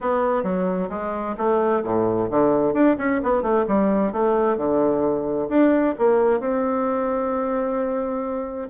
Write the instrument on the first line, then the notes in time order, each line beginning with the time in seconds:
bassoon
0.01 B3
0.43 F#3
0.89 G#3
1.37 A3
1.83 A2
2.30 D3
2.73 D4
2.98 C#4
3.23 B3
3.42 A3
3.67 G3
4.12 A3
4.57 D3
5.49 D4
5.98 A#3
6.40 C4